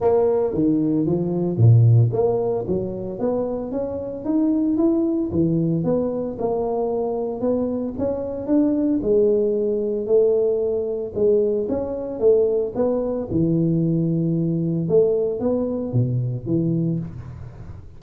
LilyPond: \new Staff \with { instrumentName = "tuba" } { \time 4/4 \tempo 4 = 113 ais4 dis4 f4 ais,4 | ais4 fis4 b4 cis'4 | dis'4 e'4 e4 b4 | ais2 b4 cis'4 |
d'4 gis2 a4~ | a4 gis4 cis'4 a4 | b4 e2. | a4 b4 b,4 e4 | }